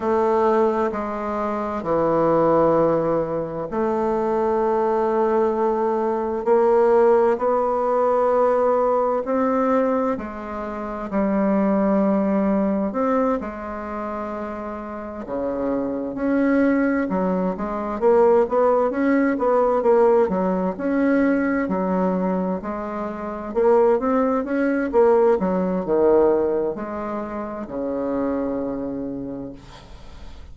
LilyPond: \new Staff \with { instrumentName = "bassoon" } { \time 4/4 \tempo 4 = 65 a4 gis4 e2 | a2. ais4 | b2 c'4 gis4 | g2 c'8 gis4.~ |
gis8 cis4 cis'4 fis8 gis8 ais8 | b8 cis'8 b8 ais8 fis8 cis'4 fis8~ | fis8 gis4 ais8 c'8 cis'8 ais8 fis8 | dis4 gis4 cis2 | }